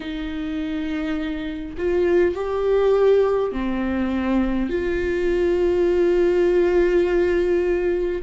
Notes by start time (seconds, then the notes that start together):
0.00 D#4
1.77 F4
2.35 G4
3.52 C4
4.69 F4